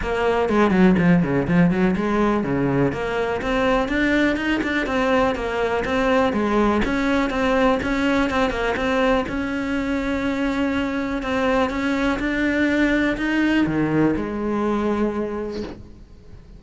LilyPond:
\new Staff \with { instrumentName = "cello" } { \time 4/4 \tempo 4 = 123 ais4 gis8 fis8 f8 cis8 f8 fis8 | gis4 cis4 ais4 c'4 | d'4 dis'8 d'8 c'4 ais4 | c'4 gis4 cis'4 c'4 |
cis'4 c'8 ais8 c'4 cis'4~ | cis'2. c'4 | cis'4 d'2 dis'4 | dis4 gis2. | }